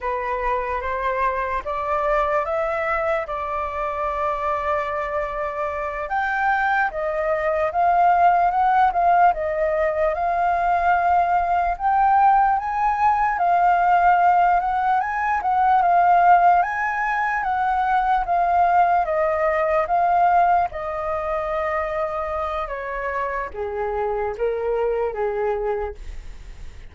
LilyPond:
\new Staff \with { instrumentName = "flute" } { \time 4/4 \tempo 4 = 74 b'4 c''4 d''4 e''4 | d''2.~ d''8 g''8~ | g''8 dis''4 f''4 fis''8 f''8 dis''8~ | dis''8 f''2 g''4 gis''8~ |
gis''8 f''4. fis''8 gis''8 fis''8 f''8~ | f''8 gis''4 fis''4 f''4 dis''8~ | dis''8 f''4 dis''2~ dis''8 | cis''4 gis'4 ais'4 gis'4 | }